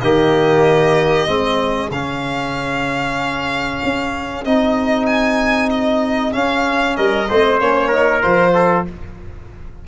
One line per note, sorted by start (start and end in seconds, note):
0.00 1.27 D#3
0.00 1.27 A#3
0.00 1.29 G4
0.00 1.89 D#5
1.27 1.90 G#3
1.27 1.90 C4
1.27 6.96 G#4
1.90 3.79 C#3
1.90 4.45 C#4
1.90 4.44 F5
3.84 4.45 C#4
4.44 6.34 C4
4.44 6.32 D#4
4.44 5.06 D#5
5.06 5.69 G#5
5.70 6.33 D#5
6.32 7.27 C#4
6.32 6.97 C#4
6.32 6.96 F5
6.96 7.29 G3
6.96 7.28 A#4
6.96 7.59 D#5
7.28 7.60 A3
7.28 7.61 C4
7.28 7.87 C5
7.59 8.23 A#3
7.59 7.92 C#4
7.59 8.22 C#5
7.87 8.21 D#4
7.87 8.51 A#4
8.21 8.87 F3
8.21 8.85 F4
8.21 8.85 C5
8.54 8.85 A4